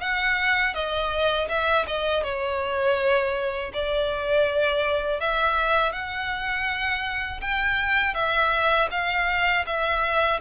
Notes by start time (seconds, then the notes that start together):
0.00 F#5
0.74 D#5
1.48 E5
1.87 D#5
2.23 C#5
3.73 D5
5.20 E5
5.92 F#5
7.41 G5
8.14 E5
8.91 F5
9.66 E5